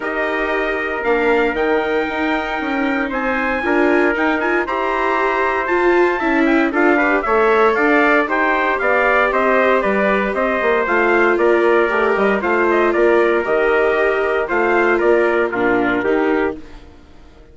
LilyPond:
<<
  \new Staff \with { instrumentName = "trumpet" } { \time 4/4 \tempo 4 = 116 dis''2 f''4 g''4~ | g''2 gis''2 | g''8 gis''8 ais''2 a''4~ | a''8 g''8 f''4 e''4 f''4 |
g''4 f''4 dis''4 d''4 | dis''4 f''4 d''4. dis''8 | f''8 dis''8 d''4 dis''2 | f''4 d''4 ais'2 | }
  \new Staff \with { instrumentName = "trumpet" } { \time 4/4 ais'1~ | ais'2 c''4 ais'4~ | ais'4 c''2. | e''4 a'8 b'8 cis''4 d''4 |
c''4 d''4 c''4 b'4 | c''2 ais'2 | c''4 ais'2. | c''4 ais'4 f'4 g'4 | }
  \new Staff \with { instrumentName = "viola" } { \time 4/4 g'2 d'4 dis'4~ | dis'2. f'4 | dis'8 f'8 g'2 f'4 | e'4 f'8 g'8 a'2 |
g'1~ | g'4 f'2 g'4 | f'2 g'2 | f'2 d'4 dis'4 | }
  \new Staff \with { instrumentName = "bassoon" } { \time 4/4 dis'2 ais4 dis4 | dis'4 cis'4 c'4 d'4 | dis'4 e'2 f'4 | cis'4 d'4 a4 d'4 |
dis'4 b4 c'4 g4 | c'8 ais8 a4 ais4 a8 g8 | a4 ais4 dis2 | a4 ais4 ais,4 dis4 | }
>>